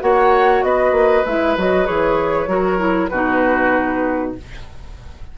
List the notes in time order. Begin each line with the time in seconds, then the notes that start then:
0.00 A#3 F#4 C#5 F#5
0.63 B3 B4 D#5
0.91 A#3
1.25 G#3 E4 E5
1.57 F#3 F#4 D#5
1.84 E3 G#4 C#5
2.47 F#3 F#4 A#4
2.78 E4
3.08 B2 D#4 F#4 B4